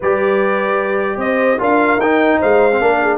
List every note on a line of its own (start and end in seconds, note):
0.00 1.17 G3
0.00 1.58 G4
0.00 1.18 B4
0.00 1.19 D5
1.17 1.57 C4
1.17 1.60 C5
1.17 1.59 D#5
1.58 1.96 D4
1.58 1.98 F4
1.58 2.38 A#4
1.58 2.00 F5
1.96 2.36 D#4
1.96 2.40 G5
2.02 2.71 D#4
2.38 2.81 G#3
2.38 2.78 C5
2.38 3.17 F5
2.71 2.81 C4
2.80 3.17 A#3
2.80 3.17 D4
2.80 3.00 A#4
3.01 3.17 G#4